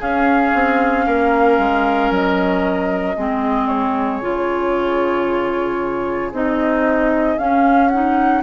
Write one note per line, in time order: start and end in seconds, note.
0.00 0.53 C#4
0.00 3.16 C#4
0.00 1.05 G#4
0.00 2.12 F5
0.54 1.07 C4
1.07 1.58 A#3
1.07 3.16 A#4
1.58 2.10 G#3
2.10 3.16 F#3
2.10 3.68 D#5
3.16 4.22 G#3
3.16 4.22 C4
3.16 8.43 G#4
3.68 6.31 C#5
4.22 6.32 C#3
4.22 6.32 F4
6.32 7.37 C4
6.32 7.38 D#4
6.32 7.39 D#5
7.38 7.91 C#4
7.38 8.43 C#4
7.38 7.89 F5
7.89 8.43 D#4
7.89 8.42 F#5